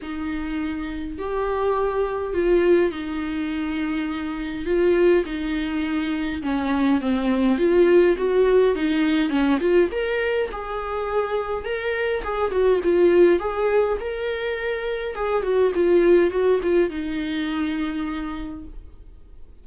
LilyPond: \new Staff \with { instrumentName = "viola" } { \time 4/4 \tempo 4 = 103 dis'2 g'2 | f'4 dis'2. | f'4 dis'2 cis'4 | c'4 f'4 fis'4 dis'4 |
cis'8 f'8 ais'4 gis'2 | ais'4 gis'8 fis'8 f'4 gis'4 | ais'2 gis'8 fis'8 f'4 | fis'8 f'8 dis'2. | }